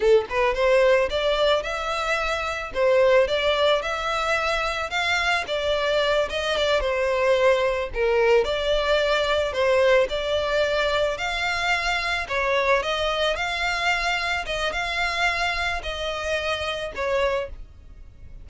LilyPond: \new Staff \with { instrumentName = "violin" } { \time 4/4 \tempo 4 = 110 a'8 b'8 c''4 d''4 e''4~ | e''4 c''4 d''4 e''4~ | e''4 f''4 d''4. dis''8 | d''8 c''2 ais'4 d''8~ |
d''4. c''4 d''4.~ | d''8 f''2 cis''4 dis''8~ | dis''8 f''2 dis''8 f''4~ | f''4 dis''2 cis''4 | }